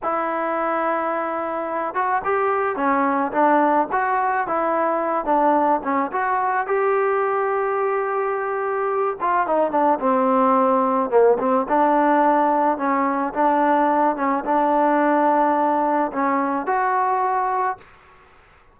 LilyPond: \new Staff \with { instrumentName = "trombone" } { \time 4/4 \tempo 4 = 108 e'2.~ e'8 fis'8 | g'4 cis'4 d'4 fis'4 | e'4. d'4 cis'8 fis'4 | g'1~ |
g'8 f'8 dis'8 d'8 c'2 | ais8 c'8 d'2 cis'4 | d'4. cis'8 d'2~ | d'4 cis'4 fis'2 | }